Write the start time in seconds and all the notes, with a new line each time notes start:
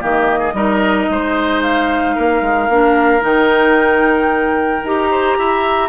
0.00 D#3 A#3 G4 D#5
0.39 G#4
0.53 G3 D#4 A#4
1.10 G#3 C5
1.62 F5
2.15 A#3 A#4
2.41 G#3
2.68 A#3 D4
3.20 D#3 D#4 G5
4.83 D#4 G4 A#5
5.10 C5
5.38 E4 E5